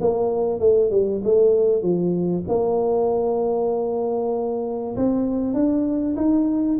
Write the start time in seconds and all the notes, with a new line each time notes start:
0.00 A#3
0.59 A3
0.90 G3
1.23 A3
1.82 F3
2.48 A#3
4.96 C4
5.53 D4
6.16 D#4